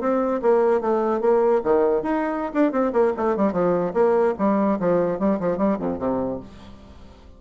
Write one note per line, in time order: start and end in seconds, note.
0.00 0.41 C4
0.42 0.81 A#3
0.81 1.21 A3
1.21 1.61 A#3
1.63 2.02 D#3
2.02 2.53 D#4
2.53 2.72 D4
2.72 2.92 C4
2.92 3.13 A#3
3.16 3.36 A3
3.36 3.52 G3
3.52 3.93 F3
3.93 4.34 A#3
4.38 4.79 G3
4.79 5.19 F3
5.19 5.39 G3
5.40 5.57 F3
5.57 5.78 G3
5.79 5.99 F2
5.99 6.39 C3